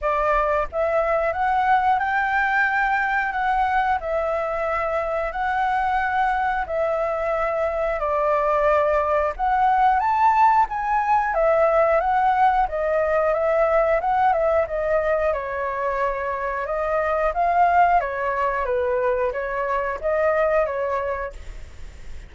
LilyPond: \new Staff \with { instrumentName = "flute" } { \time 4/4 \tempo 4 = 90 d''4 e''4 fis''4 g''4~ | g''4 fis''4 e''2 | fis''2 e''2 | d''2 fis''4 a''4 |
gis''4 e''4 fis''4 dis''4 | e''4 fis''8 e''8 dis''4 cis''4~ | cis''4 dis''4 f''4 cis''4 | b'4 cis''4 dis''4 cis''4 | }